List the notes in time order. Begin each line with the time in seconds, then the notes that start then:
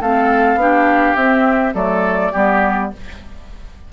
0.00 A3 C4 A4 F5
0.56 B3 D4 G4
1.16 C4 E5
1.74 F#3 A3 A4 D5
2.33 G3 B3 G4